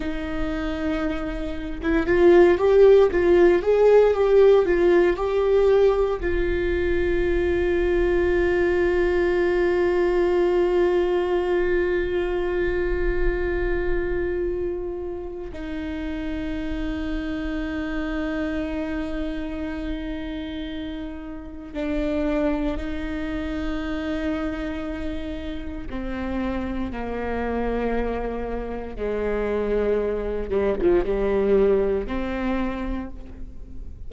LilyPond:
\new Staff \with { instrumentName = "viola" } { \time 4/4 \tempo 4 = 58 dis'4.~ dis'16 e'16 f'8 g'8 f'8 gis'8 | g'8 f'8 g'4 f'2~ | f'1~ | f'2. dis'4~ |
dis'1~ | dis'4 d'4 dis'2~ | dis'4 c'4 ais2 | gis4. g16 f16 g4 c'4 | }